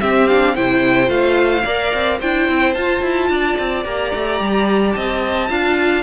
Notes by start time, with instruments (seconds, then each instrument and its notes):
0.00 viola C4, cello C4, violin G4 E5
0.28 viola D4, violin F5
0.55 cello C3, viola E4, violin C5 G5
1.06 cello A3, viola F4, violin F5
1.64 cello A#3, viola A#4, violin D5
1.94 cello C4
2.20 cello D4, viola E4, violin C5 G5
2.49 cello C4
2.74 viola F4, cello F4, violin A5
3.03 cello E4
3.30 cello D4, violin D5
3.59 cello C4
3.85 cello A#3, viola G4, violin A#5
4.15 cello A3
4.40 cello G3
4.93 cello C4, violin D#5 A5
5.50 cello D4, viola F4, violin F5